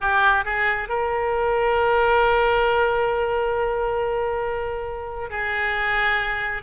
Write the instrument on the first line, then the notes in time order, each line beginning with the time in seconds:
oboe
0.00 G4
0.45 G#4
0.88 A#4
5.29 G#4